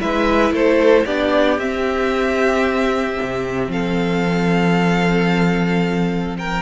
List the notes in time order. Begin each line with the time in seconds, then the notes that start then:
0.00 G#3 E4 B4 E5
0.52 A3 A4 C5
1.05 B3 D4 G4 D5
1.58 C4 E5
3.21 C3
3.68 F3 A4 F5
6.38 A#4 G5